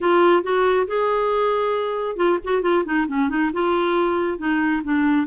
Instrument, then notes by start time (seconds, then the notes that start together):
clarinet
0.00 F4
0.43 F#4
0.87 G#4
2.16 F4
2.43 F#4
2.62 F4
2.85 D#4
3.07 C#4
3.29 D#4
3.53 F4
4.38 D#4
4.83 D4